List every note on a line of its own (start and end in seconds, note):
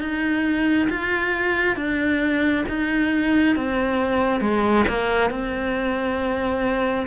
0.00 0.88 D#4
0.89 1.76 F4
1.76 2.64 D4
2.68 3.55 D#4
3.55 4.40 C4
4.40 4.84 G#3
4.88 5.30 A#3
5.30 7.06 C4